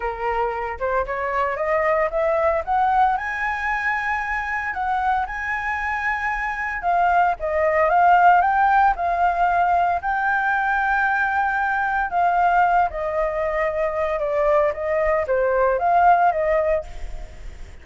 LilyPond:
\new Staff \with { instrumentName = "flute" } { \time 4/4 \tempo 4 = 114 ais'4. c''8 cis''4 dis''4 | e''4 fis''4 gis''2~ | gis''4 fis''4 gis''2~ | gis''4 f''4 dis''4 f''4 |
g''4 f''2 g''4~ | g''2. f''4~ | f''8 dis''2~ dis''8 d''4 | dis''4 c''4 f''4 dis''4 | }